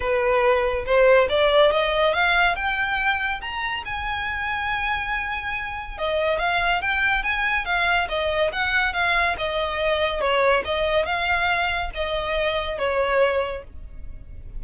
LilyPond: \new Staff \with { instrumentName = "violin" } { \time 4/4 \tempo 4 = 141 b'2 c''4 d''4 | dis''4 f''4 g''2 | ais''4 gis''2.~ | gis''2 dis''4 f''4 |
g''4 gis''4 f''4 dis''4 | fis''4 f''4 dis''2 | cis''4 dis''4 f''2 | dis''2 cis''2 | }